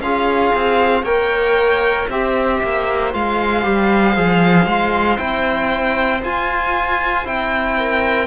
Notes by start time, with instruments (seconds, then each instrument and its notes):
0.00 cello C#4, trombone F4, viola G#4, violin F5
0.55 cello C4
1.03 cello A#3, trombone A#4, viola C#5, violin G5
2.09 cello C4, trombone G4, viola C5, violin E5
2.63 cello A#3
3.12 cello G#3, trombone F4, violin F5
3.63 cello G3, trombone G4
4.16 cello F3, trombone G#4
4.66 cello G#3, trombone F4
5.18 cello C4, trombone E4, violin G5
6.22 trombone F4, cello F4, violin G#5
7.24 cello C4, trombone E4, violin G5
7.78 viola A#4